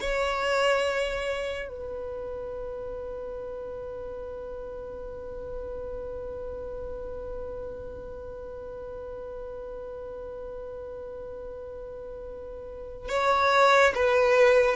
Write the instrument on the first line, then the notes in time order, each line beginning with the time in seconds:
violin
0.00 C#5
1.68 B4
13.08 C#5
13.94 B4